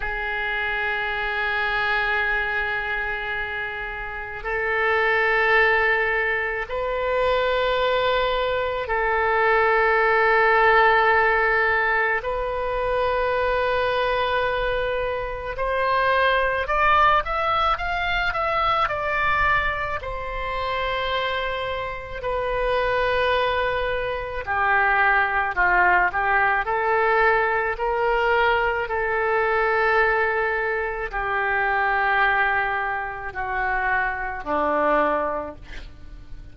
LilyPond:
\new Staff \with { instrumentName = "oboe" } { \time 4/4 \tempo 4 = 54 gis'1 | a'2 b'2 | a'2. b'4~ | b'2 c''4 d''8 e''8 |
f''8 e''8 d''4 c''2 | b'2 g'4 f'8 g'8 | a'4 ais'4 a'2 | g'2 fis'4 d'4 | }